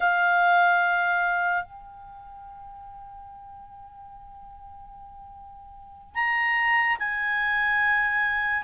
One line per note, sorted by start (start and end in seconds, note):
0.00 1.64 F5
1.64 6.15 G5
6.15 6.97 A#5
6.99 8.63 G#5